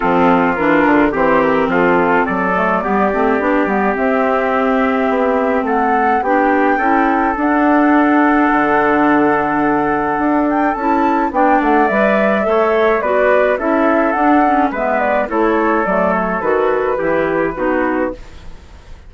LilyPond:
<<
  \new Staff \with { instrumentName = "flute" } { \time 4/4 \tempo 4 = 106 a'4 ais'4 c''8 ais'8 a'4 | d''2. e''4~ | e''2 fis''4 g''4~ | g''4 fis''2.~ |
fis''2~ fis''8 g''8 a''4 | g''8 fis''8 e''2 d''4 | e''4 fis''4 e''8 d''8 cis''4 | d''8 cis''8 b'2. | }
  \new Staff \with { instrumentName = "trumpet" } { \time 4/4 f'2 g'4 f'4 | a'4 g'2.~ | g'2 a'4 g'4 | a'1~ |
a'1 | d''2 cis''4 b'4 | a'2 b'4 a'4~ | a'2 g'4 fis'4 | }
  \new Staff \with { instrumentName = "clarinet" } { \time 4/4 c'4 d'4 c'2~ | c'8 a8 b8 c'8 d'8 b8 c'4~ | c'2. d'4 | e'4 d'2.~ |
d'2. e'4 | d'4 b'4 a'4 fis'4 | e'4 d'8 cis'8 b4 e'4 | a4 fis'4 e'4 dis'4 | }
  \new Staff \with { instrumentName = "bassoon" } { \time 4/4 f4 e8 d8 e4 f4 | fis4 g8 a8 b8 g8 c'4~ | c'4 b4 a4 b4 | cis'4 d'2 d4~ |
d2 d'4 cis'4 | b8 a8 g4 a4 b4 | cis'4 d'4 gis4 a4 | fis4 dis4 e4 b4 | }
>>